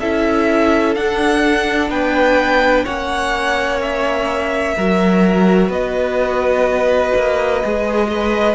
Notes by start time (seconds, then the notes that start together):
0.00 C#4 E4 A4 E5
0.95 D4 F#5
1.89 B3 B4 G5
2.84 A#3 C#4 C#5 F#5
3.82 E5
4.75 F#3 F#4 A#4
5.69 B3 B4 D#5
7.15 A#3
7.63 G#3 G#4
8.08 B4 D#5